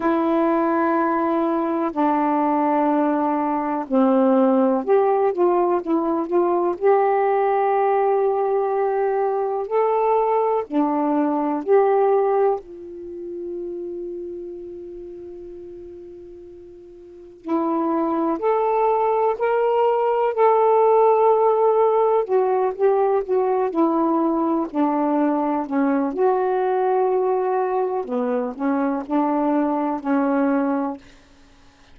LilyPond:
\new Staff \with { instrumentName = "saxophone" } { \time 4/4 \tempo 4 = 62 e'2 d'2 | c'4 g'8 f'8 e'8 f'8 g'4~ | g'2 a'4 d'4 | g'4 f'2.~ |
f'2 e'4 a'4 | ais'4 a'2 fis'8 g'8 | fis'8 e'4 d'4 cis'8 fis'4~ | fis'4 b8 cis'8 d'4 cis'4 | }